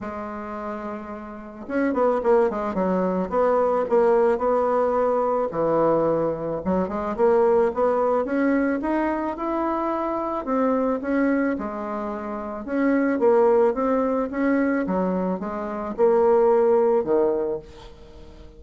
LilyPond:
\new Staff \with { instrumentName = "bassoon" } { \time 4/4 \tempo 4 = 109 gis2. cis'8 b8 | ais8 gis8 fis4 b4 ais4 | b2 e2 | fis8 gis8 ais4 b4 cis'4 |
dis'4 e'2 c'4 | cis'4 gis2 cis'4 | ais4 c'4 cis'4 fis4 | gis4 ais2 dis4 | }